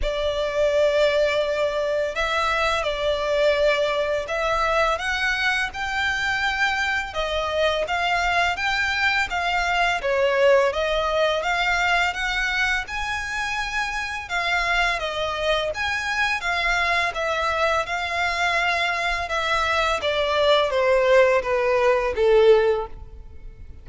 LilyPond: \new Staff \with { instrumentName = "violin" } { \time 4/4 \tempo 4 = 84 d''2. e''4 | d''2 e''4 fis''4 | g''2 dis''4 f''4 | g''4 f''4 cis''4 dis''4 |
f''4 fis''4 gis''2 | f''4 dis''4 gis''4 f''4 | e''4 f''2 e''4 | d''4 c''4 b'4 a'4 | }